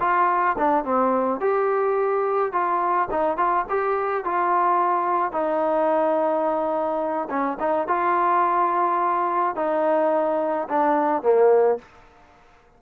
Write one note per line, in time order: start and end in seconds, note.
0.00 0.56 F4
0.58 0.84 D4
0.84 1.40 C4
1.40 2.52 G4
2.52 3.08 F4
3.10 3.37 D#4
3.37 3.65 F4
3.69 4.24 G4
4.24 5.32 F4
5.32 7.28 D#4
7.29 7.58 C#4
7.60 7.87 D#4
7.87 9.56 F4
9.56 10.68 D#4
10.68 11.22 D4
11.22 11.78 A#3